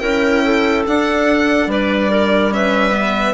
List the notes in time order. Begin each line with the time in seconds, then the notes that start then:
0.00 C#4 E4 A#4 G5
0.45 A4
0.87 D4 F#5
1.67 G3 B4 D5
2.11 A#4
2.51 C#4 B4 E5
2.91 B3